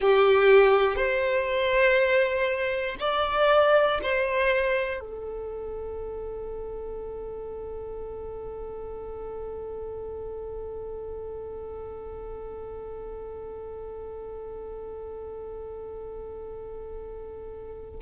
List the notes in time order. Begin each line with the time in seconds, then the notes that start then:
0.00 G4
0.95 C5
3.00 D5
4.02 C5
5.00 A4